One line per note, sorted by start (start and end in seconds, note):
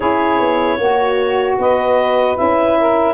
0.00 0.39 C#4
0.00 0.78 E4
0.00 0.77 G#4
0.00 1.55 C#5
0.39 0.78 B3
0.78 1.57 A#3
0.78 1.57 F#4
0.78 2.35 F#4
1.58 2.37 B3
1.58 2.78 B4
1.58 2.37 D#5
2.35 3.14 C#4
2.35 3.14 E4
2.35 3.14 E5
2.78 3.14 A#4